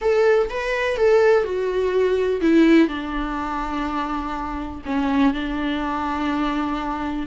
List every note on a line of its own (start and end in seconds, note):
0.01 0.49 A4
0.49 0.97 B4
0.97 1.44 A4
1.44 2.40 F#4
2.41 2.88 E4
2.88 4.81 D4
4.85 5.33 C#4
5.33 7.26 D4